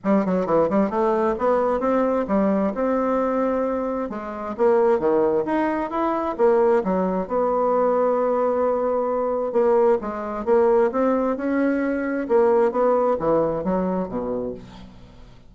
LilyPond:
\new Staff \with { instrumentName = "bassoon" } { \time 4/4 \tempo 4 = 132 g8 fis8 e8 g8 a4 b4 | c'4 g4 c'2~ | c'4 gis4 ais4 dis4 | dis'4 e'4 ais4 fis4 |
b1~ | b4 ais4 gis4 ais4 | c'4 cis'2 ais4 | b4 e4 fis4 b,4 | }